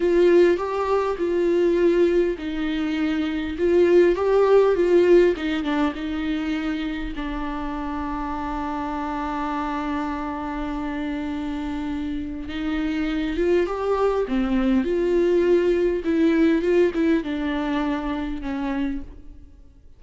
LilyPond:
\new Staff \with { instrumentName = "viola" } { \time 4/4 \tempo 4 = 101 f'4 g'4 f'2 | dis'2 f'4 g'4 | f'4 dis'8 d'8 dis'2 | d'1~ |
d'1~ | d'4 dis'4. f'8 g'4 | c'4 f'2 e'4 | f'8 e'8 d'2 cis'4 | }